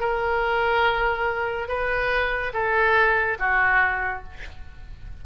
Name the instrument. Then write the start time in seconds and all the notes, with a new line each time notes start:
oboe
0.00 A#4
1.68 B4
2.54 A4
3.39 F#4